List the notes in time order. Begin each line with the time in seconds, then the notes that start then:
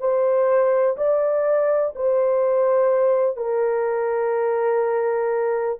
0.00 C5
0.97 D5
1.96 C5
3.37 A#4